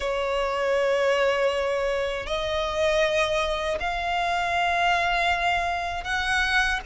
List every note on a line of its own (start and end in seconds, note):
0.00 2.26 C#5
2.26 3.78 D#5
3.79 6.04 F5
6.04 6.80 F#5